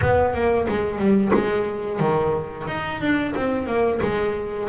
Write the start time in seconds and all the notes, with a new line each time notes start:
0.01 B3
0.34 A#3
0.68 G#3
0.98 G3
1.33 G#3
1.99 D#3
2.67 D#4
3.00 D4
3.35 C4
3.66 A#3
4.02 G#3